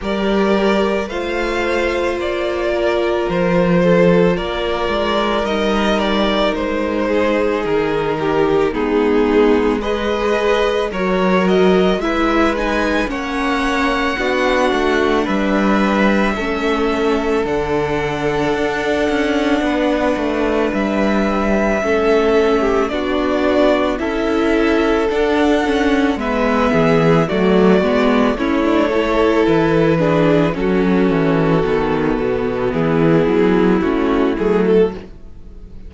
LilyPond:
<<
  \new Staff \with { instrumentName = "violin" } { \time 4/4 \tempo 4 = 55 d''4 f''4 d''4 c''4 | d''4 dis''8 d''8 c''4 ais'4 | gis'4 dis''4 cis''8 dis''8 e''8 gis''8 | fis''2 e''2 |
fis''2. e''4~ | e''4 d''4 e''4 fis''4 | e''4 d''4 cis''4 b'4 | a'2 gis'4 fis'8 gis'16 a'16 | }
  \new Staff \with { instrumentName = "violin" } { \time 4/4 ais'4 c''4. ais'4 a'8 | ais'2~ ais'8 gis'4 g'8 | dis'4 b'4 ais'4 b'4 | cis''4 fis'4 b'4 a'4~ |
a'2 b'2 | a'8. g'16 fis'4 a'2 | b'8 gis'8 fis'4 e'8 a'4 gis'8 | fis'2 e'2 | }
  \new Staff \with { instrumentName = "viola" } { \time 4/4 g'4 f'2.~ | f'4 dis'2. | b4 gis'4 fis'4 e'8 dis'8 | cis'4 d'2 cis'4 |
d'1 | cis'4 d'4 e'4 d'8 cis'8 | b4 a8 b8 cis'16 d'16 e'4 d'8 | cis'4 b2 cis'8 a8 | }
  \new Staff \with { instrumentName = "cello" } { \time 4/4 g4 a4 ais4 f4 | ais8 gis8 g4 gis4 dis4 | gis2 fis4 gis4 | ais4 b8 a8 g4 a4 |
d4 d'8 cis'8 b8 a8 g4 | a4 b4 cis'4 d'4 | gis8 e8 fis8 gis8 a4 e4 | fis8 e8 dis8 b,8 e8 fis8 a8 fis8 | }
>>